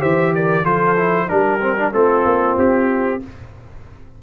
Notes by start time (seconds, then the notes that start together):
0.00 E3 G4 C5 E5
0.35 A#4 D5
0.64 F3 F4 A4 C5
0.97 E4
1.29 G3 D4 G4 A#4
1.61 C4
1.77 D4
1.93 A3 C4 F4 A4
2.25 A#3
2.58 C4 G4